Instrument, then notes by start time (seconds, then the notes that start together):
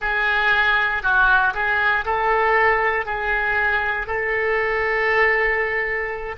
oboe
0.00 G#4
1.02 F#4
1.53 G#4
2.05 A4
3.05 G#4
4.07 A4